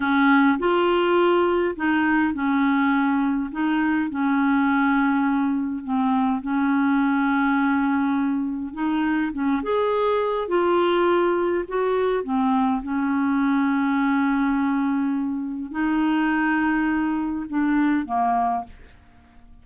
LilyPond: \new Staff \with { instrumentName = "clarinet" } { \time 4/4 \tempo 4 = 103 cis'4 f'2 dis'4 | cis'2 dis'4 cis'4~ | cis'2 c'4 cis'4~ | cis'2. dis'4 |
cis'8 gis'4. f'2 | fis'4 c'4 cis'2~ | cis'2. dis'4~ | dis'2 d'4 ais4 | }